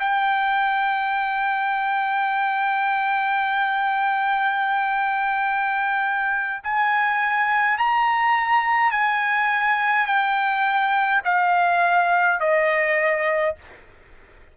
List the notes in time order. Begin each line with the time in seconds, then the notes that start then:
0.00 G5
6.64 G#5
7.78 A#5
8.92 G#5
10.07 G5
11.25 F5
12.40 D#5